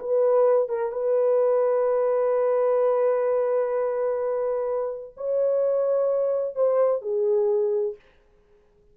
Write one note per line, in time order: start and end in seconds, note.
0.00 0.69 B4
0.69 0.92 A#4
0.92 5.14 B4
5.17 6.56 C#5
6.56 7.02 C5
7.02 7.96 G#4